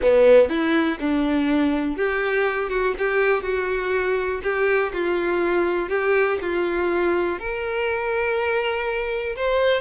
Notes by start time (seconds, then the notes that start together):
0.01 B3
0.49 E4
0.99 D4
1.96 G4
2.69 F#4
2.98 G4
3.42 F#4
4.43 G4
4.92 F4
5.89 G4
6.41 F4
7.39 A#4
9.36 C5